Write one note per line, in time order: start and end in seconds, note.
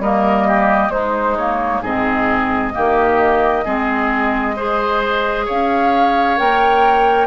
0.00 0.90 G3
0.00 0.91 A#3
0.00 0.48 A#4
0.00 0.91 D#5
0.48 0.93 G4
0.90 1.80 G#3
0.90 1.36 G#3
0.90 1.82 D#4
0.90 1.37 C5
1.37 1.85 A#3
1.37 1.82 C#5
1.82 2.74 G#2
1.82 2.74 C4
1.82 2.73 G#4
1.82 5.48 D#5
2.74 3.67 D#3
2.74 3.65 A#3
2.74 3.65 G4
3.65 5.49 G#3
3.65 4.56 C4
3.65 4.56 G#4
4.57 6.37 G#4
4.57 5.46 C5
5.46 6.40 C#4
5.46 7.28 C#5
5.46 6.38 F5
6.37 7.28 A#3
6.37 7.28 A#4
6.37 7.28 G5